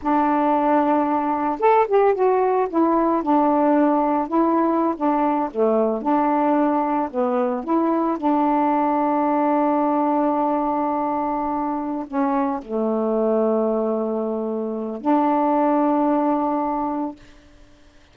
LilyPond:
\new Staff \with { instrumentName = "saxophone" } { \time 4/4 \tempo 4 = 112 d'2. a'8 g'8 | fis'4 e'4 d'2 | e'4~ e'16 d'4 a4 d'8.~ | d'4~ d'16 b4 e'4 d'8.~ |
d'1~ | d'2~ d'8 cis'4 a8~ | a1 | d'1 | }